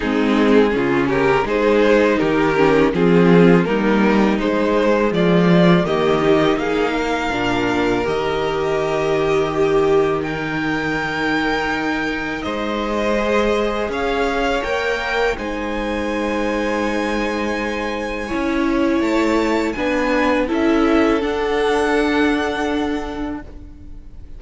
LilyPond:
<<
  \new Staff \with { instrumentName = "violin" } { \time 4/4 \tempo 4 = 82 gis'4. ais'8 c''4 ais'4 | gis'4 ais'4 c''4 d''4 | dis''4 f''2 dis''4~ | dis''2 g''2~ |
g''4 dis''2 f''4 | g''4 gis''2.~ | gis''2 a''4 gis''4 | e''4 fis''2. | }
  \new Staff \with { instrumentName = "violin" } { \time 4/4 dis'4 f'8 g'8 gis'4 g'4 | f'4 dis'2 f'4 | g'4 gis'8 ais'2~ ais'8~ | ais'4 g'4 ais'2~ |
ais'4 c''2 cis''4~ | cis''4 c''2.~ | c''4 cis''2 b'4 | a'1 | }
  \new Staff \with { instrumentName = "viola" } { \time 4/4 c'4 cis'4 dis'4. cis'8 | c'4 ais4 gis2 | ais8 dis'4. d'4 g'4~ | g'2 dis'2~ |
dis'2 gis'2 | ais'4 dis'2.~ | dis'4 e'2 d'4 | e'4 d'2. | }
  \new Staff \with { instrumentName = "cello" } { \time 4/4 gis4 cis4 gis4 dis4 | f4 g4 gis4 f4 | dis4 ais4 ais,4 dis4~ | dis1~ |
dis4 gis2 cis'4 | ais4 gis2.~ | gis4 cis'4 a4 b4 | cis'4 d'2. | }
>>